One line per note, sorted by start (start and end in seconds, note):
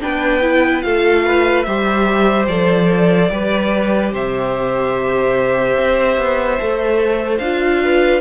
0.00 0.85 B3
0.00 0.41 D4
0.00 0.85 B4
0.00 0.82 G5
0.41 0.82 E4
0.82 1.66 A3
0.82 1.64 F4
0.82 1.25 A4
0.82 1.62 F5
1.25 1.66 B4
1.62 2.47 G3
1.62 2.49 G4
1.62 3.31 C5
1.62 2.45 E5
2.47 3.30 F3
2.47 3.29 A4
2.47 4.11 D5
3.29 4.12 G3
3.29 6.58 G4
3.29 4.13 B4
4.12 5.77 C3
4.12 7.83 C5
4.12 7.38 E5
5.77 6.17 C4
6.17 6.58 B3
6.59 7.39 A3
6.59 7.41 A4
7.38 8.21 D4
7.38 8.21 F4
7.38 8.20 F5
7.84 8.21 B4